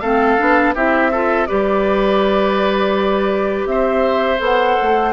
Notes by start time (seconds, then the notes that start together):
0.00 A3 C4 A4 F5
0.37 B3 D4
0.74 C4 E4 G4 E5
1.11 F4 A4
1.46 G3 G4 B4 D5
3.66 C4 C5 E5
4.38 B3 A4
4.44 F#5
4.81 A3